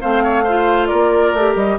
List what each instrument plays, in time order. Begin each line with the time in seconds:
0.00 bassoon A3, clarinet C4, oboe C5, flute F5
0.23 oboe C#5
0.43 clarinet F4, oboe C5
0.86 bassoon A#3, oboe A#4, flute D5
1.33 bassoon A3, clarinet G4
1.55 bassoon G3, flute D#5